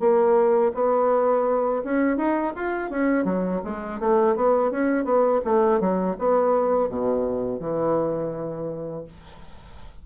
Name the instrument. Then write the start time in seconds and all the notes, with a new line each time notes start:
bassoon
0.00 A#3
0.74 B3
1.84 C#4
2.17 D#4
2.56 F4
2.90 C#4
3.25 F#3
3.64 G#3
4.00 A3
4.36 B3
4.71 C#4
5.05 B3
5.45 A3
5.81 F#3
6.19 B3
6.89 B2
7.60 E3